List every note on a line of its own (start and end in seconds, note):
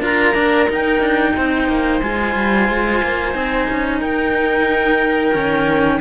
0.00 0.33 D4
0.00 0.34 F4
0.00 1.33 A#4
0.00 0.71 A#5
0.34 0.68 A#3
0.34 0.68 D4
0.69 1.00 D#4
0.69 2.03 D#4
0.69 2.01 G5
1.00 1.33 D4
1.36 1.68 C4
1.36 4.01 C5
1.68 2.02 A#3
2.01 2.36 G#3
2.01 3.32 F4
2.01 4.01 G#5
2.36 2.69 G3
2.69 3.02 G#3
3.03 3.35 A#3
3.32 3.68 C4
3.32 5.32 D#4
3.70 4.02 C#4
4.01 5.35 D#4
4.01 6.01 A#4
4.01 6.01 G5
5.34 6.01 D#3
5.34 6.00 C#4